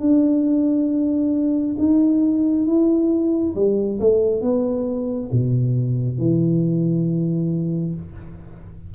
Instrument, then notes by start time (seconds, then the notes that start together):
tuba
0.00 D4
1.78 D#4
2.66 E4
3.55 G3
4.00 A3
4.42 B3
5.32 B2
6.18 E3